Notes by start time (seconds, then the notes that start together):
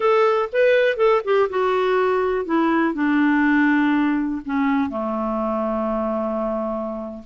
0.00 A4
0.52 B4
0.96 A4
1.24 G4
1.49 F#4
2.45 E4
2.94 D4
4.45 C#4
4.89 A3